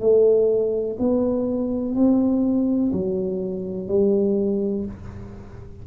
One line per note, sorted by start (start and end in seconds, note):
0.00 0.97 A3
0.99 1.95 B3
1.95 2.92 C4
2.92 3.88 F#3
3.88 4.85 G3